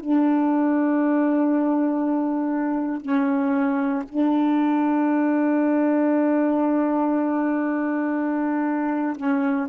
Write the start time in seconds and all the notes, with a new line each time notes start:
0.00 D4
3.01 C#4
4.09 D4
9.16 C#4